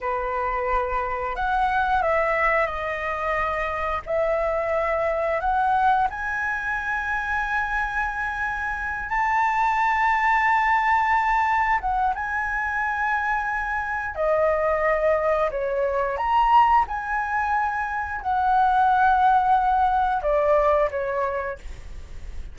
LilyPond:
\new Staff \with { instrumentName = "flute" } { \time 4/4 \tempo 4 = 89 b'2 fis''4 e''4 | dis''2 e''2 | fis''4 gis''2.~ | gis''4. a''2~ a''8~ |
a''4. fis''8 gis''2~ | gis''4 dis''2 cis''4 | ais''4 gis''2 fis''4~ | fis''2 d''4 cis''4 | }